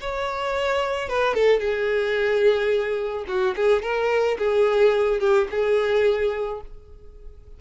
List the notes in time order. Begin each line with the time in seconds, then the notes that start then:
0.00 C#5
1.08 B4
1.34 A4
1.59 G#4
3.27 F#4
3.56 G#4
3.82 A#4
4.38 G#4
5.20 G4
5.50 G#4